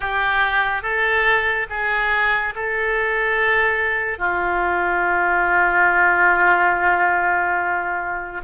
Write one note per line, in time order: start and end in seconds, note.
0.00 0.82 G4
0.82 1.67 A4
1.69 2.54 G#4
2.55 4.18 A4
4.18 8.41 F4